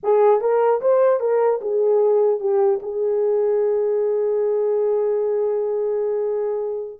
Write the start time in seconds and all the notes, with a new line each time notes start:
0.03 G#4
0.40 A#4
0.81 C5
1.20 A#4
1.61 G#4
2.40 G4
2.82 G#4